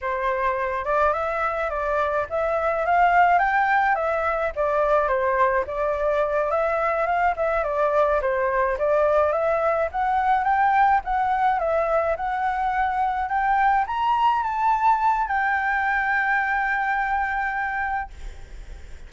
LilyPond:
\new Staff \with { instrumentName = "flute" } { \time 4/4 \tempo 4 = 106 c''4. d''8 e''4 d''4 | e''4 f''4 g''4 e''4 | d''4 c''4 d''4. e''8~ | e''8 f''8 e''8 d''4 c''4 d''8~ |
d''8 e''4 fis''4 g''4 fis''8~ | fis''8 e''4 fis''2 g''8~ | g''8 ais''4 a''4. g''4~ | g''1 | }